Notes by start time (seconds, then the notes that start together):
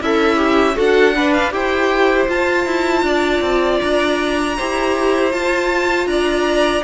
0.00 C#4 E4 A4 E5
0.36 G4
0.75 D4 F#4 A4 F#5
1.15 D4 B4
1.32 F5
1.51 E4 G4 C5 G5
2.27 F4 A5
2.65 E4
3.02 D4 D5
3.41 C4
3.80 D4 A#5
4.56 E4 G4 C5
5.30 F4 A5
6.06 D4 D5 A#5